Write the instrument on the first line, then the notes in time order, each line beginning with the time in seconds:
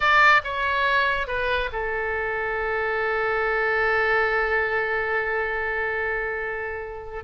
oboe
0.00 D5
0.44 C#5
1.27 B4
1.72 A4